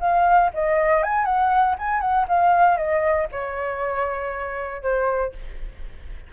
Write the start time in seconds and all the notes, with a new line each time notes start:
0.00 F5
0.53 D#5
1.03 G#5
1.25 F#5
1.79 G#5
2.00 F#5
2.28 F5
2.77 D#5
3.32 C#5
4.82 C5